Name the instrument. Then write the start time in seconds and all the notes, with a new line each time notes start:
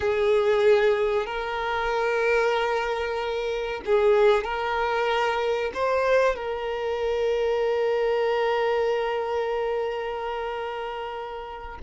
violin
0.00 G#4
1.26 A#4
3.85 G#4
4.44 A#4
5.74 C5
6.35 A#4